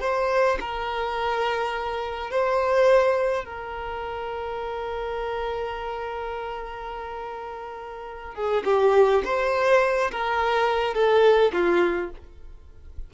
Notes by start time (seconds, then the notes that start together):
0.00 C5
0.60 A#4
2.31 C5
3.45 A#4
8.34 G#4
8.65 G4
9.24 C5
10.11 A#4
10.94 A4
11.52 F4